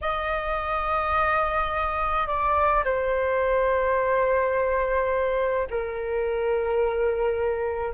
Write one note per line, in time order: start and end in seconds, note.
0.01 2.27 D#5
2.27 2.84 D5
2.84 5.67 C5
5.70 7.93 A#4